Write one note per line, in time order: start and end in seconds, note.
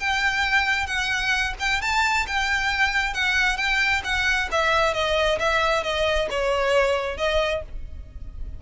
0.00 0.87 G5
0.87 1.54 F#5
1.59 1.82 G5
1.82 2.26 A5
2.27 3.14 G5
3.14 3.57 F#5
3.57 4.02 G5
4.04 4.49 F#5
4.52 4.94 E5
4.94 5.39 D#5
5.39 5.84 E5
5.84 6.28 D#5
6.31 7.18 C#5
7.18 7.62 D#5